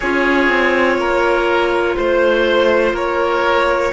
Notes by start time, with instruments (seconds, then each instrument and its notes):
0.00 cello C#4, clarinet F4, oboe G#4, violin C#5
0.48 cello C4
0.97 cello A#3, oboe A#4
1.96 cello A3, oboe C5, violin C5
2.92 cello A#3, oboe A#4, violin C#5